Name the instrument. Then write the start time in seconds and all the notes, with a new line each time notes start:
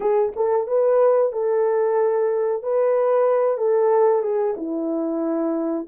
horn
0.00 G#4
0.36 A4
0.67 B4
1.32 A4
2.63 B4
3.57 A4
4.22 G#4
4.56 E4